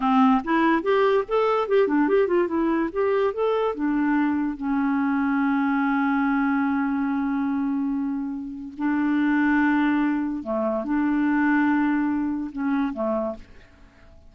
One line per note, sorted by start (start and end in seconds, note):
0.00 0.41 C4
0.44 0.82 E4
0.82 1.24 G4
1.27 1.68 A4
1.68 1.87 G4
1.87 2.08 D4
2.08 2.27 G4
2.27 2.47 F4
2.47 2.89 E4
2.92 3.33 G4
3.33 3.74 A4
3.74 4.56 D4
4.56 8.73 C#4
8.77 10.43 D4
10.43 10.84 A3
10.84 12.51 D4
12.52 12.93 C#4
12.93 13.35 A3